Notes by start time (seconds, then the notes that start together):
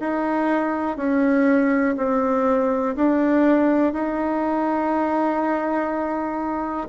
0.00 D#4
0.97 C#4
1.98 C4
2.96 D4
3.93 D#4